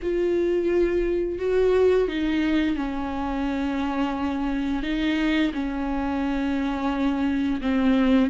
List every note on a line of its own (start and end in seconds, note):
0.02 1.39 F4
1.39 2.08 F#4
2.08 2.76 D#4
2.76 4.82 C#4
4.82 5.51 D#4
5.53 7.60 C#4
7.61 8.30 C4